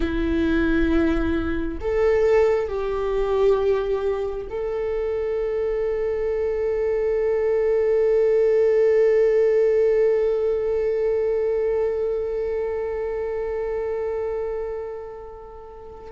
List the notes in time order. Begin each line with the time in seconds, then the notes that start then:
0.00 E4
1.80 A4
2.68 G4
4.49 A4